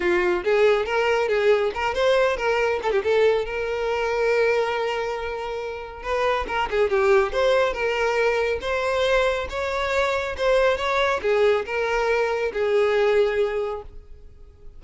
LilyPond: \new Staff \with { instrumentName = "violin" } { \time 4/4 \tempo 4 = 139 f'4 gis'4 ais'4 gis'4 | ais'8 c''4 ais'4 a'16 g'16 a'4 | ais'1~ | ais'2 b'4 ais'8 gis'8 |
g'4 c''4 ais'2 | c''2 cis''2 | c''4 cis''4 gis'4 ais'4~ | ais'4 gis'2. | }